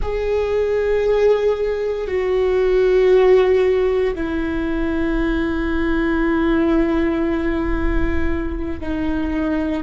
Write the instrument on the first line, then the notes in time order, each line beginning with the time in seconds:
viola
0.02 G#4
2.07 F#4
4.14 E4
8.80 D#4